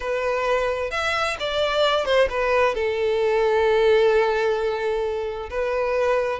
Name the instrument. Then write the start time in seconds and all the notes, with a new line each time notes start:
violin
0.00 B4
0.91 E5
1.39 D5
2.05 C5
2.29 B4
2.74 A4
5.50 B4